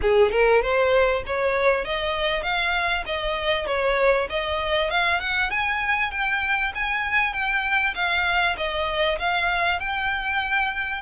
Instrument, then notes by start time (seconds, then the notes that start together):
violin
0.01 G#4
0.31 A#4
0.62 C5
1.26 C#5
1.84 D#5
2.42 F5
3.06 D#5
3.66 C#5
4.29 D#5
4.90 F5
5.20 F#5
5.50 G#5
6.11 G5
6.74 G#5
7.33 G5
7.94 F5
8.57 D#5
9.18 F5
9.79 G5